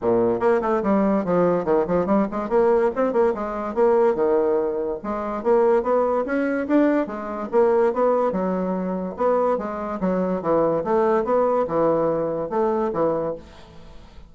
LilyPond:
\new Staff \with { instrumentName = "bassoon" } { \time 4/4 \tempo 4 = 144 ais,4 ais8 a8 g4 f4 | dis8 f8 g8 gis8 ais4 c'8 ais8 | gis4 ais4 dis2 | gis4 ais4 b4 cis'4 |
d'4 gis4 ais4 b4 | fis2 b4 gis4 | fis4 e4 a4 b4 | e2 a4 e4 | }